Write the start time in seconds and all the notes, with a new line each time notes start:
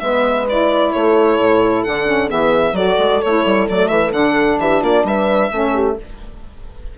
0.00 G#3 B3 B4 E5
0.49 E4 D5
0.92 A3 A4 C#5
1.39 A2
1.83 D3 D4 F#5
2.06 C#4
2.28 E3 B3 G#4 E5
2.73 F#3 F#4 A4 D5
2.99 G#3
3.22 A3 E4 C#5
3.45 G3
3.69 F#3 A3 D5
3.88 E3 E5
4.13 D3 D4 F#5
4.59 E3 G4 E5
4.82 A#3 F4 D5
5.04 G3 B4 E5
5.51 A3 C#4 A4
5.74 G4